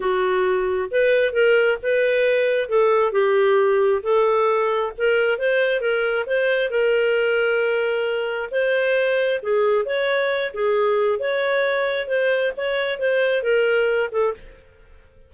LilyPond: \new Staff \with { instrumentName = "clarinet" } { \time 4/4 \tempo 4 = 134 fis'2 b'4 ais'4 | b'2 a'4 g'4~ | g'4 a'2 ais'4 | c''4 ais'4 c''4 ais'4~ |
ais'2. c''4~ | c''4 gis'4 cis''4. gis'8~ | gis'4 cis''2 c''4 | cis''4 c''4 ais'4. a'8 | }